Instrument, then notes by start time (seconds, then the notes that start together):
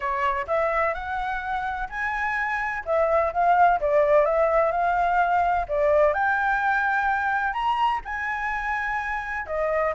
flute
0.00 C#5
0.47 E5
0.94 F#5
1.89 G#5
2.85 E5
3.32 F5
3.80 D5
4.25 E5
4.71 F5
5.68 D5
6.13 G5
7.53 A#5
8.04 G#5
9.46 D#5